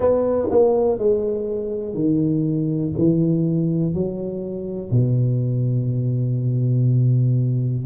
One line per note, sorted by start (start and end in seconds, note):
0.00 0.48 B3
0.50 0.98 A#3
0.98 1.94 G#3
1.94 2.92 D#3
2.97 3.93 E3
3.93 4.90 F#3
4.90 7.85 B2